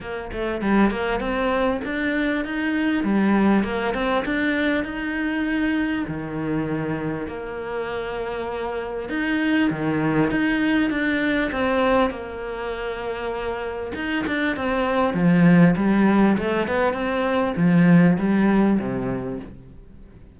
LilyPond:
\new Staff \with { instrumentName = "cello" } { \time 4/4 \tempo 4 = 99 ais8 a8 g8 ais8 c'4 d'4 | dis'4 g4 ais8 c'8 d'4 | dis'2 dis2 | ais2. dis'4 |
dis4 dis'4 d'4 c'4 | ais2. dis'8 d'8 | c'4 f4 g4 a8 b8 | c'4 f4 g4 c4 | }